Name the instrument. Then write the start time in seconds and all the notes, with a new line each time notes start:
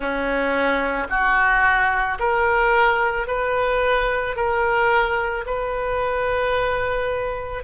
oboe
0.00 C#4
1.09 F#4
2.19 A#4
3.27 B4
4.35 A#4
5.45 B4